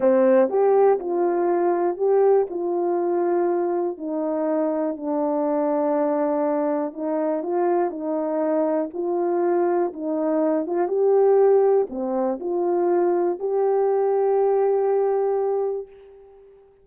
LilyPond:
\new Staff \with { instrumentName = "horn" } { \time 4/4 \tempo 4 = 121 c'4 g'4 f'2 | g'4 f'2. | dis'2 d'2~ | d'2 dis'4 f'4 |
dis'2 f'2 | dis'4. f'8 g'2 | c'4 f'2 g'4~ | g'1 | }